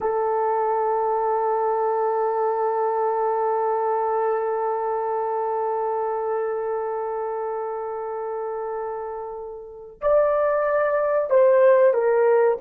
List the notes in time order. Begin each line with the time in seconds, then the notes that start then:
0.00 A4
10.01 D5
11.30 C5
11.93 A#4